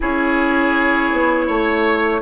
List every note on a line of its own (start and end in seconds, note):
0.00 1.12 C#4
0.00 2.21 E4
0.00 1.46 G#4
0.00 2.21 C#5
1.12 1.48 B3
1.46 2.21 A3
1.46 2.21 C#5